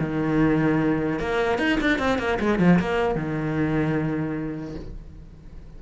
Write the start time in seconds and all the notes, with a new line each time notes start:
0.00 D#3
1.19 A#3
1.59 D#4
1.81 D4
1.99 C4
2.19 A#3
2.40 G#3
2.59 F3
2.79 A#3
3.15 D#3